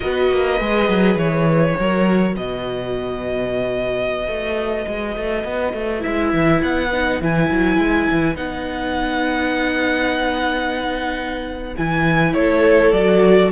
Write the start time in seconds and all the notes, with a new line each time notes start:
0.00 B3 F#4 B4 D#5
0.31 A#3
0.59 G#3 G#4
0.88 F#3
1.15 E3 C#5
1.77 F#3 F#4 A#4
2.34 B2 B4 D#5
4.27 A3
4.87 G#3
5.16 A3
5.44 B3
5.73 A3
6.00 E4 E5
6.06 G#3
6.33 E3
6.62 B3 F#5
6.91 D#4
7.20 E3 E4 G#5
7.50 F#3
7.78 G#3
8.11 E3
8.35 B3 D#4 F#5
11.76 E3 E4 G#5
12.33 A3 A4 C#5
12.92 F#3 F#4 D5